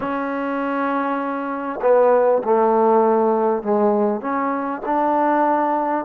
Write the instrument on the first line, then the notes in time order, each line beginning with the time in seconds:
trombone
0.00 C#4
1.81 B3
2.43 A3
3.63 G#3
4.21 C#4
4.85 D4